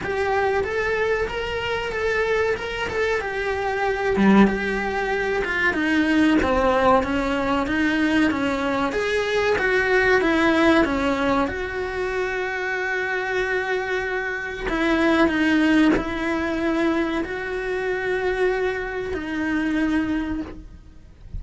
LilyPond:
\new Staff \with { instrumentName = "cello" } { \time 4/4 \tempo 4 = 94 g'4 a'4 ais'4 a'4 | ais'8 a'8 g'4. g8 g'4~ | g'8 f'8 dis'4 c'4 cis'4 | dis'4 cis'4 gis'4 fis'4 |
e'4 cis'4 fis'2~ | fis'2. e'4 | dis'4 e'2 fis'4~ | fis'2 dis'2 | }